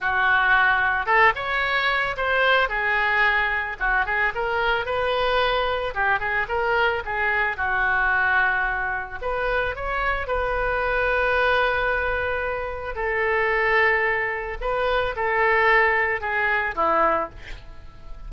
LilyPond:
\new Staff \with { instrumentName = "oboe" } { \time 4/4 \tempo 4 = 111 fis'2 a'8 cis''4. | c''4 gis'2 fis'8 gis'8 | ais'4 b'2 g'8 gis'8 | ais'4 gis'4 fis'2~ |
fis'4 b'4 cis''4 b'4~ | b'1 | a'2. b'4 | a'2 gis'4 e'4 | }